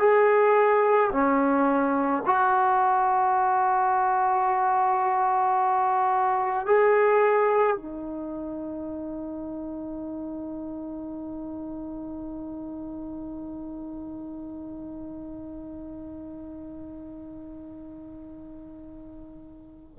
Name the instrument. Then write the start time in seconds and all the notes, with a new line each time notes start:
trombone
0.00 G#4
1.12 C#4
2.26 F#4
6.67 G#4
7.77 D#4